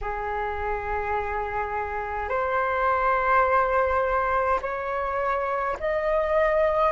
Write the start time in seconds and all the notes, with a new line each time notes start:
0.01 G#4
2.28 C5
4.61 C#5
5.80 D#5